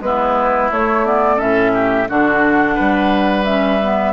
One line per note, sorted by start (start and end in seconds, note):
0.00 0.69 G#3
0.00 0.72 B3
0.00 1.36 E4
0.00 0.70 B4
0.71 1.40 A3
0.71 1.05 A3
0.71 1.05 C#5
1.05 1.37 B3
1.05 1.39 D5
1.36 2.09 A2
1.36 2.06 C#4
1.36 1.71 A4
1.36 2.08 E5
1.73 2.08 G4
2.09 2.78 D3
2.09 3.46 D4
2.09 2.75 F#4
2.09 3.45 F#5
2.75 4.13 G3
2.75 4.13 B4
3.45 3.80 C#4
3.45 4.13 E5
3.82 4.13 B3